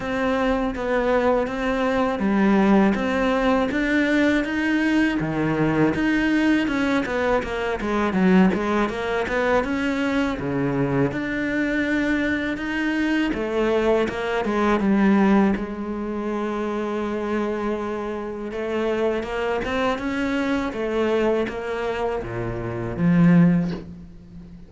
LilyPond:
\new Staff \with { instrumentName = "cello" } { \time 4/4 \tempo 4 = 81 c'4 b4 c'4 g4 | c'4 d'4 dis'4 dis4 | dis'4 cis'8 b8 ais8 gis8 fis8 gis8 | ais8 b8 cis'4 cis4 d'4~ |
d'4 dis'4 a4 ais8 gis8 | g4 gis2.~ | gis4 a4 ais8 c'8 cis'4 | a4 ais4 ais,4 f4 | }